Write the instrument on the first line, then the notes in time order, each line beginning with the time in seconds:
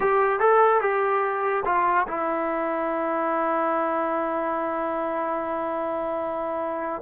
trombone
0.00 G4
0.39 A4
0.81 G4
1.65 F4
2.07 E4